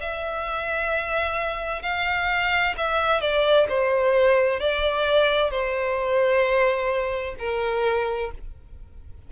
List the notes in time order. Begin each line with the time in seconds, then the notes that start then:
0.00 E5
1.82 F5
2.77 E5
3.20 D5
3.68 C5
4.60 D5
5.50 C5
7.38 A#4